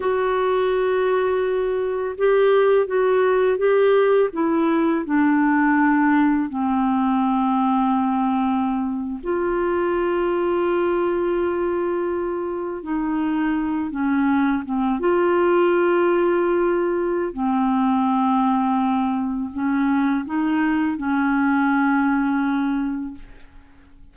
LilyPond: \new Staff \with { instrumentName = "clarinet" } { \time 4/4 \tempo 4 = 83 fis'2. g'4 | fis'4 g'4 e'4 d'4~ | d'4 c'2.~ | c'8. f'2.~ f'16~ |
f'4.~ f'16 dis'4. cis'8.~ | cis'16 c'8 f'2.~ f'16 | c'2. cis'4 | dis'4 cis'2. | }